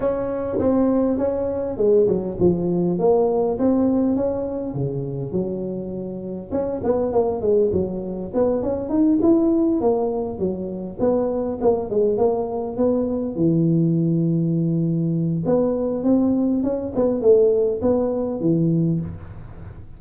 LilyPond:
\new Staff \with { instrumentName = "tuba" } { \time 4/4 \tempo 4 = 101 cis'4 c'4 cis'4 gis8 fis8 | f4 ais4 c'4 cis'4 | cis4 fis2 cis'8 b8 | ais8 gis8 fis4 b8 cis'8 dis'8 e'8~ |
e'8 ais4 fis4 b4 ais8 | gis8 ais4 b4 e4.~ | e2 b4 c'4 | cis'8 b8 a4 b4 e4 | }